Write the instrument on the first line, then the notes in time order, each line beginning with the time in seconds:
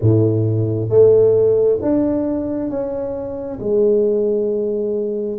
tuba
0.01 A2
0.89 A3
1.82 D4
2.69 C#4
3.59 G#3